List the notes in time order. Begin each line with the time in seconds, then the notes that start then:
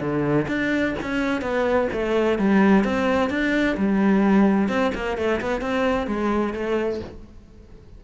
0.00 D3
0.48 D4
1.02 C#4
1.41 B3
1.92 A3
2.38 G3
2.84 C4
3.30 D4
3.77 G3
4.68 C4
4.95 A#3
5.17 A3
5.41 B3
5.61 C4
6.07 G#3
6.53 A3